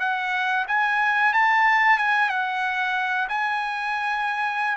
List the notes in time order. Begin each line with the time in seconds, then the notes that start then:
0.00 F#5
0.68 G#5
1.33 A5
1.98 G#5
2.30 F#5
3.29 G#5